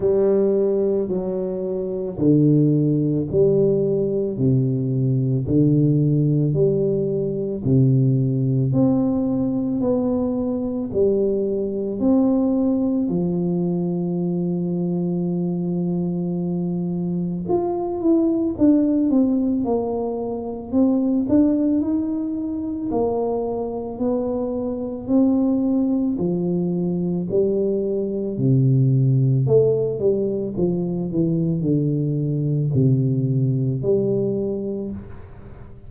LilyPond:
\new Staff \with { instrumentName = "tuba" } { \time 4/4 \tempo 4 = 55 g4 fis4 d4 g4 | c4 d4 g4 c4 | c'4 b4 g4 c'4 | f1 |
f'8 e'8 d'8 c'8 ais4 c'8 d'8 | dis'4 ais4 b4 c'4 | f4 g4 c4 a8 g8 | f8 e8 d4 c4 g4 | }